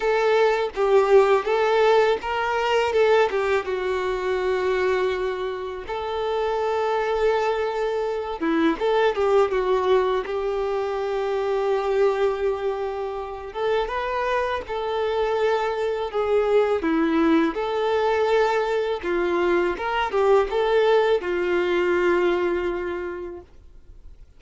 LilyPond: \new Staff \with { instrumentName = "violin" } { \time 4/4 \tempo 4 = 82 a'4 g'4 a'4 ais'4 | a'8 g'8 fis'2. | a'2.~ a'8 e'8 | a'8 g'8 fis'4 g'2~ |
g'2~ g'8 a'8 b'4 | a'2 gis'4 e'4 | a'2 f'4 ais'8 g'8 | a'4 f'2. | }